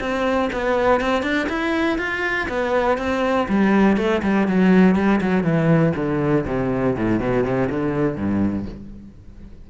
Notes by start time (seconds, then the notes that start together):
0.00 C4
0.52 B3
1.00 C4
1.22 D4
1.49 E4
1.98 F4
2.48 B3
2.98 C4
3.48 G3
3.97 A3
4.22 G3
4.47 F#3
4.95 G3
5.21 F#3
5.43 E3
5.95 D3
6.46 C3
6.96 A2
7.19 B2
7.44 C3
7.69 D3
8.16 G2